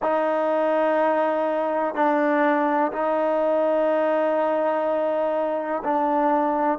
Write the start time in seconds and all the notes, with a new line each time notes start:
0.02 D#4
1.94 D4
2.92 D#4
5.83 D4